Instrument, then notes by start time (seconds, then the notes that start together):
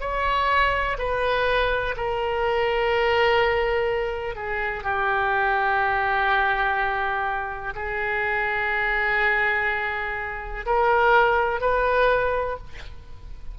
oboe
0.00 C#5
0.98 B4
1.96 A#4
4.35 G#4
4.83 G4
7.75 G#4
10.65 A#4
11.61 B4